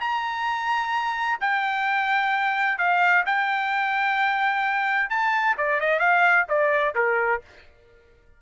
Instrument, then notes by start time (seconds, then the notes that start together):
trumpet
0.00 A#5
1.41 G5
2.78 F5
3.25 G5
5.10 A5
5.57 D5
5.80 D#5
5.99 F5
6.48 D5
6.95 A#4